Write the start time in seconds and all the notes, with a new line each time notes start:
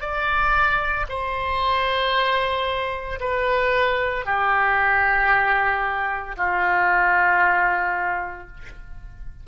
0.00 D5
1.09 C5
3.20 B4
4.25 G4
6.36 F4